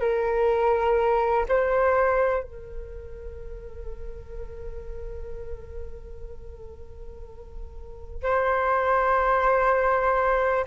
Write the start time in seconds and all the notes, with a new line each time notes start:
0.00 A#4
1.49 C5
2.43 A#4
8.23 C5